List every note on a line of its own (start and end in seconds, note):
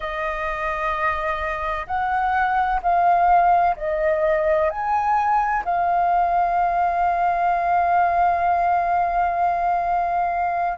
0.00 1.86 D#5
1.87 2.80 F#5
2.82 3.76 F5
3.76 4.70 D#5
4.70 5.63 G#5
5.64 10.78 F5